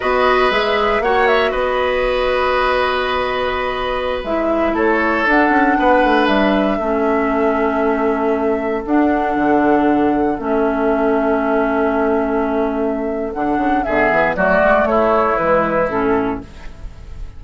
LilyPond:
<<
  \new Staff \with { instrumentName = "flute" } { \time 4/4 \tempo 4 = 117 dis''4 e''4 fis''8 e''8 dis''4~ | dis''1~ | dis''16 e''4 cis''4 fis''4.~ fis''16~ | fis''16 e''2.~ e''8.~ |
e''4~ e''16 fis''2~ fis''8.~ | fis''16 e''2.~ e''8.~ | e''2 fis''4 e''4 | d''4 cis''4 b'4 a'4 | }
  \new Staff \with { instrumentName = "oboe" } { \time 4/4 b'2 cis''4 b'4~ | b'1~ | b'4~ b'16 a'2 b'8.~ | b'4~ b'16 a'2~ a'8.~ |
a'1~ | a'1~ | a'2. gis'4 | fis'4 e'2. | }
  \new Staff \with { instrumentName = "clarinet" } { \time 4/4 fis'4 gis'4 fis'2~ | fis'1~ | fis'16 e'2 d'4.~ d'16~ | d'4~ d'16 cis'2~ cis'8.~ |
cis'4~ cis'16 d'2~ d'8.~ | d'16 cis'2.~ cis'8.~ | cis'2 d'4 b4 | a2 gis4 cis'4 | }
  \new Staff \with { instrumentName = "bassoon" } { \time 4/4 b4 gis4 ais4 b4~ | b1~ | b16 gis4 a4 d'8 cis'8 b8 a16~ | a16 g4 a2~ a8.~ |
a4~ a16 d'4 d4.~ d16~ | d16 a2.~ a8.~ | a2 d8 cis8 d8 e8 | fis8 gis8 a4 e4 a,4 | }
>>